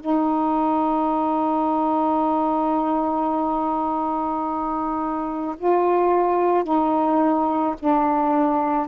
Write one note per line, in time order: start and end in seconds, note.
0.00 5.56 D#4
5.58 6.64 F4
6.64 7.75 D#4
7.79 8.87 D4